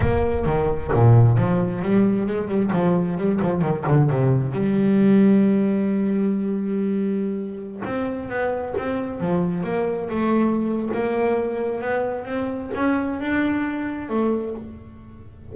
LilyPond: \new Staff \with { instrumentName = "double bass" } { \time 4/4 \tempo 4 = 132 ais4 dis4 ais,4 f4 | g4 gis8 g8 f4 g8 f8 | dis8 d8 c4 g2~ | g1~ |
g4~ g16 c'4 b4 c'8.~ | c'16 f4 ais4 a4.~ a16 | ais2 b4 c'4 | cis'4 d'2 a4 | }